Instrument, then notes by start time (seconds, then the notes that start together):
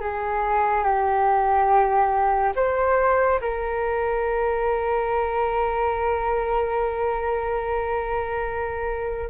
flute
0.00 G#4
0.84 G4
2.55 C5
3.41 A#4